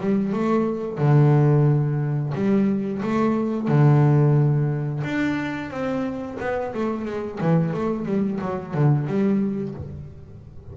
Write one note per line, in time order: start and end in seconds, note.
0.00 0.33 G3
0.33 0.98 A3
0.98 2.33 D3
2.34 3.02 G3
3.02 3.68 A3
3.68 5.03 D3
5.04 5.70 D4
5.70 6.38 C4
6.40 6.74 B3
6.74 7.05 A3
7.05 7.39 G#3
7.41 7.73 E3
7.73 8.06 A3
8.06 8.39 G3
8.41 8.74 F#3
8.74 9.07 D3
9.07 9.74 G3